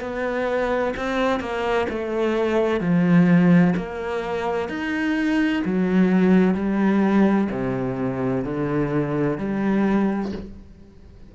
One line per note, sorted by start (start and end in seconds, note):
0.00 0.94 B3
0.96 1.40 C4
1.40 1.87 A#3
1.89 2.80 A3
2.80 3.74 F3
3.76 4.69 A#3
4.69 5.62 D#4
5.65 6.54 F#3
6.54 7.48 G3
7.51 8.44 C3
8.44 9.38 D3
9.38 10.32 G3